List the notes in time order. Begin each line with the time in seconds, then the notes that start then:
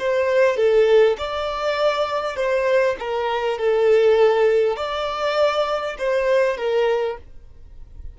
0.00 C5
0.57 A4
1.19 D5
2.36 C5
3.00 A#4
3.59 A4
4.77 D5
5.99 C5
6.58 A#4